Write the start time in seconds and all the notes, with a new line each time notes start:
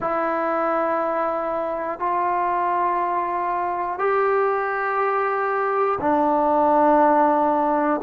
0.00 E4
1.99 F4
3.98 G4
6.00 D4